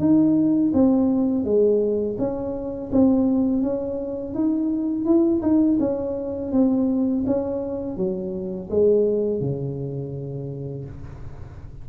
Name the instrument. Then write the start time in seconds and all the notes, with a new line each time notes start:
tuba
0.00 D#4
0.74 C4
1.45 G#3
2.19 C#4
2.92 C4
3.63 C#4
4.35 D#4
5.06 E4
5.42 D#4
5.80 C#4
6.52 C4
7.27 C#4
7.97 F#3
8.70 G#3
9.41 C#3